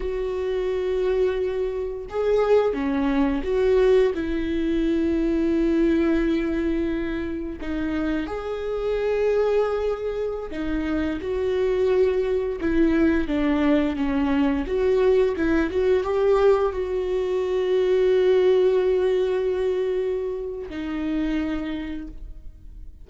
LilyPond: \new Staff \with { instrumentName = "viola" } { \time 4/4 \tempo 4 = 87 fis'2. gis'4 | cis'4 fis'4 e'2~ | e'2. dis'4 | gis'2.~ gis'16 dis'8.~ |
dis'16 fis'2 e'4 d'8.~ | d'16 cis'4 fis'4 e'8 fis'8 g'8.~ | g'16 fis'2.~ fis'8.~ | fis'2 dis'2 | }